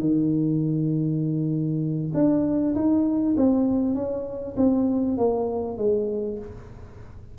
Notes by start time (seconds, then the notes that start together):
0.00 D#3
2.14 D4
2.75 D#4
3.37 C4
3.95 C#4
4.57 C4
5.18 A#3
5.78 G#3